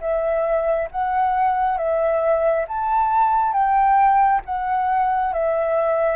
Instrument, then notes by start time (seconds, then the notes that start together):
flute
0.00 E5
0.91 F#5
1.77 E5
2.68 A5
3.53 G5
4.45 F#5
5.33 E5